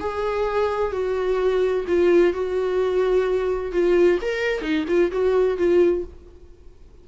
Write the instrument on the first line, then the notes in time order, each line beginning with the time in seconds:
viola
0.00 G#4
0.92 F#4
1.88 F4
2.33 F#4
3.72 F4
4.22 A#4
4.62 D#4
4.88 F4
5.12 F#4
5.58 F4